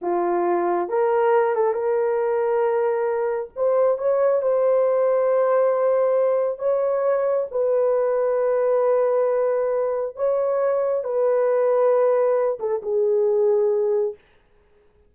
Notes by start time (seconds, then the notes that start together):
0.01 F4
0.88 A#4
1.55 A4
1.73 A#4
3.56 C5
3.98 C#5
4.42 C5
6.58 C#5
7.51 B4
10.16 C#5
11.04 B4
12.59 A4
12.82 G#4